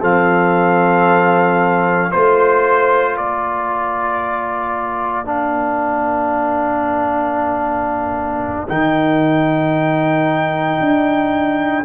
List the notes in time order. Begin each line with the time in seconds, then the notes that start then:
0.00 F3 C4 A4 F5
2.11 A3 F4 C5
3.15 A#3 A#4 D5
5.25 D4 F5
8.68 D#3 D#4 G5
10.80 D4